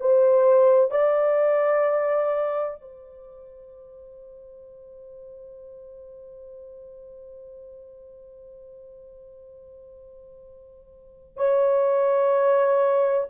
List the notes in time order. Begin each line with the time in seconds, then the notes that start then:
0.00 C5
0.91 D5
2.81 C5
11.37 C#5